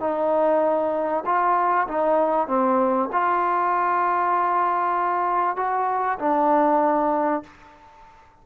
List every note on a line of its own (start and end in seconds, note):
0.00 1.24 D#4
1.25 1.87 F4
1.88 2.47 D#4
2.47 3.09 C4
3.12 5.56 F4
5.56 6.18 F#4
6.19 7.43 D4